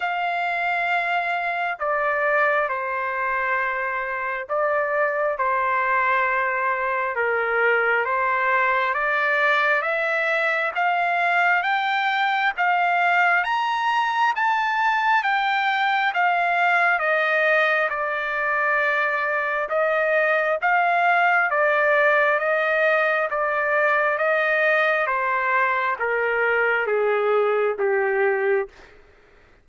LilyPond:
\new Staff \with { instrumentName = "trumpet" } { \time 4/4 \tempo 4 = 67 f''2 d''4 c''4~ | c''4 d''4 c''2 | ais'4 c''4 d''4 e''4 | f''4 g''4 f''4 ais''4 |
a''4 g''4 f''4 dis''4 | d''2 dis''4 f''4 | d''4 dis''4 d''4 dis''4 | c''4 ais'4 gis'4 g'4 | }